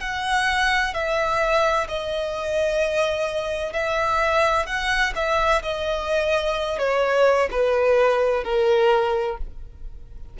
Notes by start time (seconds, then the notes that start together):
0.00 F#5
0.94 E5
1.88 D#5
3.73 E5
4.66 F#5
5.16 E5
5.62 D#5
6.79 C#5
7.51 B4
8.44 A#4